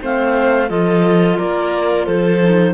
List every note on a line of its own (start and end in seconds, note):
0.00 0.70 A3
0.00 0.68 C4
0.00 0.69 C5
0.00 0.69 F5
0.68 1.38 F3
0.68 2.39 F4
0.68 1.38 A4
0.68 1.37 D#5
1.38 2.07 A#3
1.38 2.06 A#4
1.38 2.06 D5
2.06 2.73 F3
2.06 2.73 A4
2.06 2.73 C5
2.42 2.73 D#4